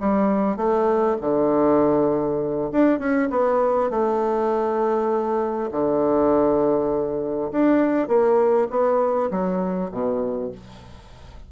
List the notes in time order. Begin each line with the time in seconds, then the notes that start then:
0.00 G3
0.56 A3
1.21 D3
2.72 D4
2.99 C#4
3.31 B3
3.90 A3
5.71 D3
7.52 D4
8.08 A#3
8.70 B3
9.31 F#3
9.91 B2